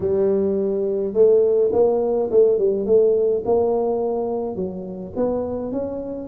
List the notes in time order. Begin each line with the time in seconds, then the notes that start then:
0.00 G3
1.13 A3
1.72 A#3
2.31 A3
2.58 G3
2.85 A3
3.45 A#3
4.55 F#3
5.16 B3
5.71 C#4